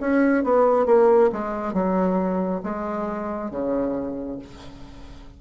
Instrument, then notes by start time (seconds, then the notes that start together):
bassoon
0.00 C#4
0.44 B3
0.86 A#3
1.32 G#3
1.73 F#3
2.63 G#3
3.51 C#3